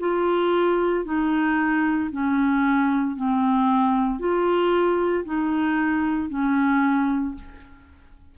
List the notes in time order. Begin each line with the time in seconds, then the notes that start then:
0.00 F4
1.05 D#4
2.11 C#4
3.16 C4
4.19 F4
5.25 D#4
6.29 C#4